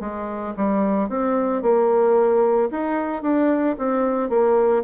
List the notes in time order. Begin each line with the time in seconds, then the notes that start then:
0.00 G#3
0.56 G3
1.09 C4
1.62 A#3
2.71 D#4
3.22 D4
3.78 C4
4.29 A#3